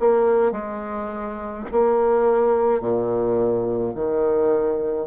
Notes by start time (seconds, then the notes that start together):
0.00 A#3
0.52 G#3
1.72 A#3
2.81 A#2
3.95 D#3